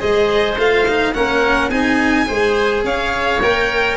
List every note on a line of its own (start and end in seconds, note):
0.00 0.58 G#3
0.00 0.57 G#4
0.00 1.14 C5
0.00 0.57 D#5
0.58 1.14 A3
0.58 0.87 F4
0.58 1.14 F5
0.88 1.15 D#4
1.14 1.70 A#3
1.14 1.72 C#4
1.14 1.70 A#4
1.14 1.70 F#5
1.70 2.26 C4
1.70 2.26 D#4
1.70 2.27 G#4
1.70 2.84 G#5
2.26 2.85 G#3
2.26 3.39 G#4
2.26 2.84 C5
2.85 3.41 C#4
2.85 3.97 C#5
2.85 3.42 F5
3.42 3.97 A#3
3.42 3.97 A#4
3.42 3.97 G5